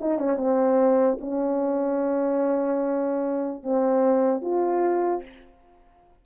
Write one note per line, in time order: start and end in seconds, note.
0.00 0.18 D#4
0.18 0.37 C#4
0.37 1.18 C4
1.21 3.63 C#4
3.63 4.42 C4
4.42 5.23 F4